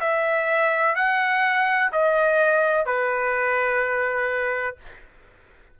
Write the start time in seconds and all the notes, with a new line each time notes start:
0.00 E5
0.96 F#5
1.92 D#5
2.86 B4